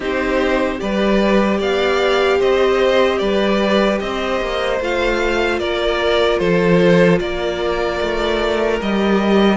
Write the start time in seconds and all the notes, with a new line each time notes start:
0.00 C4 D#4 G4 C5
0.78 G3 G4 B4 D5
1.58 B3 D5 F5
2.38 C4 C5 D#5
3.18 G3 B4 D5
3.99 C4 C5 D#5
4.40 A#3
4.80 A3 F4 F5
5.59 A#3 A#4 D5
6.38 F3 A4 C5
7.19 A#3 A#4 D5
8.01 A3
8.81 G3 G4 D#5